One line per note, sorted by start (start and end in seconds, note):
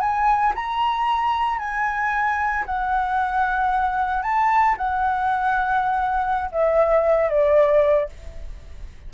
0.00 0.53 G#5
0.55 1.58 A#5
1.58 2.65 G#5
2.65 4.23 F#5
4.23 4.76 A5
4.77 6.50 F#5
6.51 7.29 E5
7.29 8.09 D5